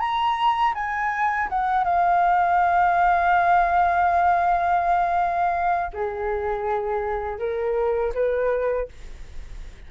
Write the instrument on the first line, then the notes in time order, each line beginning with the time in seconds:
flute
0.00 A#5
0.75 G#5
1.49 F#5
1.84 F5
5.94 G#4
7.39 A#4
8.14 B4